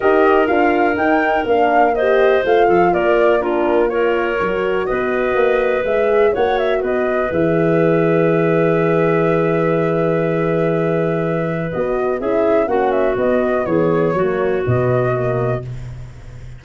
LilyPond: <<
  \new Staff \with { instrumentName = "flute" } { \time 4/4 \tempo 4 = 123 dis''4 f''4 g''4 f''4 | dis''4 f''4 d''4 ais'4 | cis''2 dis''2 | e''4 fis''8 e''8 dis''4 e''4~ |
e''1~ | e''1 | dis''4 e''4 fis''8 e''8 dis''4 | cis''2 dis''2 | }
  \new Staff \with { instrumentName = "clarinet" } { \time 4/4 ais'1 | c''4. a'8 ais'4 f'4 | ais'2 b'2~ | b'4 cis''4 b'2~ |
b'1~ | b'1~ | b'4 gis'4 fis'2 | gis'4 fis'2. | }
  \new Staff \with { instrumentName = "horn" } { \time 4/4 g'4 f'4 dis'4 d'4 | g'4 f'2 d'4 | f'4 fis'2. | gis'4 fis'2 gis'4~ |
gis'1~ | gis'1 | fis'4 e'4 cis'4 b4~ | b4 ais4 b4 ais4 | }
  \new Staff \with { instrumentName = "tuba" } { \time 4/4 dis'4 d'4 dis'4 ais4~ | ais4 a8 f8 ais2~ | ais4 fis4 b4 ais4 | gis4 ais4 b4 e4~ |
e1~ | e1 | b4 cis'4 ais4 b4 | e4 fis4 b,2 | }
>>